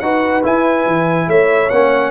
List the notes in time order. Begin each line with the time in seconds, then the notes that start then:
0.00 D#4 F#4 B4 F#5
0.43 E4 G#5
0.86 E3
1.28 A3 C#5 E5
1.70 A#3 C#4 F#5